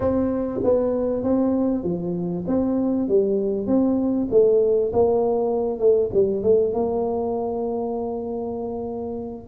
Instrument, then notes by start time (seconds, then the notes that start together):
tuba
0.00 C4
0.63 B3
1.23 C4
1.83 F3
2.47 C4
3.08 G3
3.67 C4
4.30 A3
4.92 A#3
5.79 A3
6.13 G3
6.42 A3
6.73 A#3